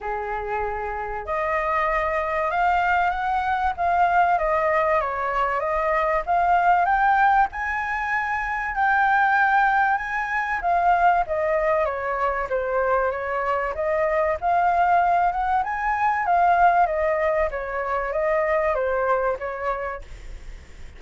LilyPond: \new Staff \with { instrumentName = "flute" } { \time 4/4 \tempo 4 = 96 gis'2 dis''2 | f''4 fis''4 f''4 dis''4 | cis''4 dis''4 f''4 g''4 | gis''2 g''2 |
gis''4 f''4 dis''4 cis''4 | c''4 cis''4 dis''4 f''4~ | f''8 fis''8 gis''4 f''4 dis''4 | cis''4 dis''4 c''4 cis''4 | }